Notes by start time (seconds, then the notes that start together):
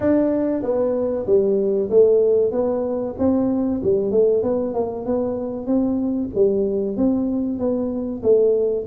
0.00 D4
0.62 B3
1.26 G3
1.89 A3
2.51 B3
3.18 C4
3.83 G3
4.11 A3
4.42 B3
4.74 A#3
5.05 B3
5.66 C4
6.34 G3
6.96 C4
7.58 B3
8.22 A3